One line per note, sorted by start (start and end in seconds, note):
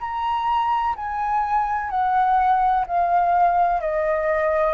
0.00 0.95 A#5
0.96 1.90 G#5
1.90 2.85 F#5
2.87 3.81 F5
3.81 4.74 D#5